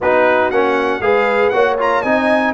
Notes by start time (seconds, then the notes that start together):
0.00 B3 D#4 F#4 B4
0.50 A#3 C#4 F#5
1.00 G#3 G#4 B4 F5
1.49 A#3 F#4 C#5 F#5
1.78 F4 A#5
2.01 C4 D#4 D#5 G#5